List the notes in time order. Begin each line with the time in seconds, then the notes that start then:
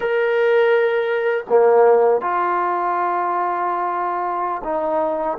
0.00 A#4
1.49 A#3
2.21 F4
4.64 D#4